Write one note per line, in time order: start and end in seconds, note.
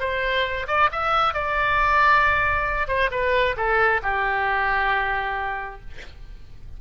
0.00 0.67 C5
0.67 0.90 D5
0.92 1.34 E5
1.34 2.88 D5
2.88 3.10 C5
3.11 3.56 B4
3.57 4.01 A4
4.03 5.80 G4